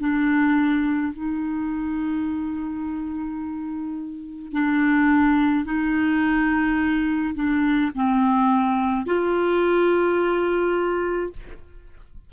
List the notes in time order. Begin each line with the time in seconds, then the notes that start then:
0.00 D4
1.13 D#4
4.53 D4
5.66 D#4
7.35 D4
7.95 C4
9.07 F4